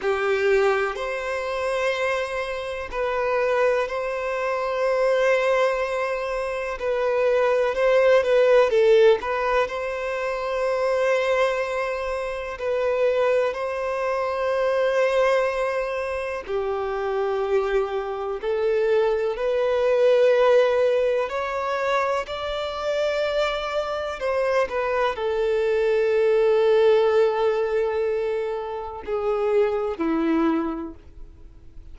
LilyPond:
\new Staff \with { instrumentName = "violin" } { \time 4/4 \tempo 4 = 62 g'4 c''2 b'4 | c''2. b'4 | c''8 b'8 a'8 b'8 c''2~ | c''4 b'4 c''2~ |
c''4 g'2 a'4 | b'2 cis''4 d''4~ | d''4 c''8 b'8 a'2~ | a'2 gis'4 e'4 | }